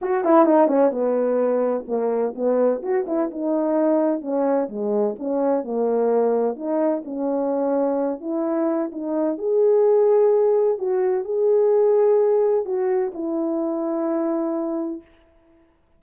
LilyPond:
\new Staff \with { instrumentName = "horn" } { \time 4/4 \tempo 4 = 128 fis'8 e'8 dis'8 cis'8 b2 | ais4 b4 fis'8 e'8 dis'4~ | dis'4 cis'4 gis4 cis'4 | ais2 dis'4 cis'4~ |
cis'4. e'4. dis'4 | gis'2. fis'4 | gis'2. fis'4 | e'1 | }